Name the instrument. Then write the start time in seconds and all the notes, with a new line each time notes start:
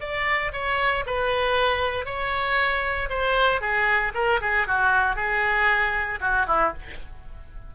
oboe
0.00 D5
0.53 C#5
1.06 B4
2.05 C#5
3.09 C5
3.61 G#4
4.14 A#4
4.41 G#4
4.67 F#4
5.16 G#4
6.20 F#4
6.47 E4